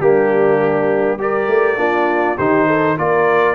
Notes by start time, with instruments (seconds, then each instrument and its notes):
0.00 tuba G3, trombone A#3, horn D4, trumpet G4
1.19 trombone G4, horn A#4, trumpet D5
1.48 tuba A3
1.77 tuba A#3, trombone D4, horn F4
2.37 tuba D#3, trombone D#4, horn G4, trumpet C5
2.67 horn A4
2.98 tuba A#3, trombone F4, horn A#4, trumpet D5